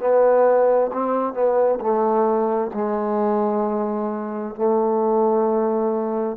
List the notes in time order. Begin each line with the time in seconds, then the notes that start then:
0.00 B3
0.93 C4
1.34 B3
1.80 A3
2.74 G#3
4.55 A3